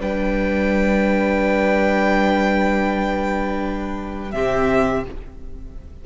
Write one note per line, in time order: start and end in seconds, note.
0.00 4.34 G3
0.00 4.33 D4
0.00 4.33 B4
0.00 4.31 G5
4.31 5.06 C3
4.31 5.05 C4
4.31 5.05 G4
4.31 5.04 E5